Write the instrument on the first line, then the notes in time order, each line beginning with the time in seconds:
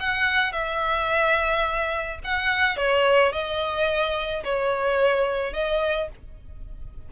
violin
0.00 F#5
0.53 E5
2.24 F#5
2.77 C#5
3.33 D#5
4.44 C#5
5.53 D#5